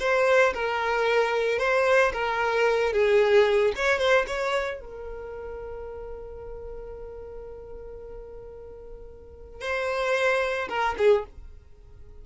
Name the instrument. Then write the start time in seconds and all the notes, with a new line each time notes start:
violin
0.00 C5
0.54 A#4
1.59 C5
2.13 A#4
2.93 G#4
3.76 C#5
3.99 C5
4.27 C#5
4.80 A#4
9.61 C5
10.69 A#4
10.98 G#4